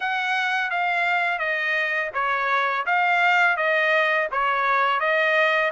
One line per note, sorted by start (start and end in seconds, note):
0.00 0.70 F#5
0.70 1.38 F5
1.38 2.10 D#5
2.14 2.85 C#5
2.85 3.56 F5
3.56 4.28 D#5
4.31 4.99 C#5
4.99 5.71 D#5